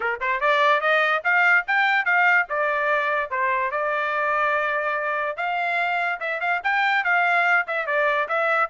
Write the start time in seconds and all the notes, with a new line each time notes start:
0.00 A#4
0.20 C5
0.40 D5
0.80 D#5
1.24 F5
1.67 G5
2.05 F5
2.49 D5
3.30 C5
3.71 D5
5.36 F5
6.20 E5
6.40 F5
6.63 G5
7.03 F5
7.67 E5
7.86 D5
8.28 E5